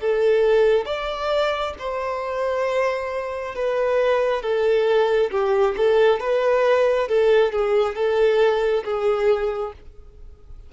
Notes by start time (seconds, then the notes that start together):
0.00 A4
0.85 D5
1.78 C5
3.55 B4
4.42 A4
5.31 G4
5.77 A4
6.20 B4
7.08 A4
7.52 G#4
7.95 A4
8.84 G#4